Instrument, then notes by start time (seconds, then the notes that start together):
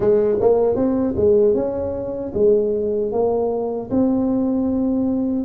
tuba
0.00 G#3
0.40 A#3
0.75 C4
1.16 G#3
1.54 C#4
2.34 G#3
3.12 A#3
3.90 C4